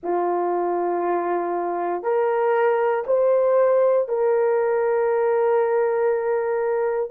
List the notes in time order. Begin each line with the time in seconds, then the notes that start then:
0.03 F4
2.02 A#4
3.06 C5
4.08 A#4